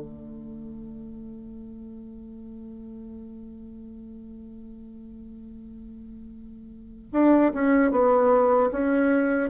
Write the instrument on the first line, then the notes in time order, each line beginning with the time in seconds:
bassoon
0.00 A3
7.12 D4
7.54 C#4
7.91 B3
8.71 C#4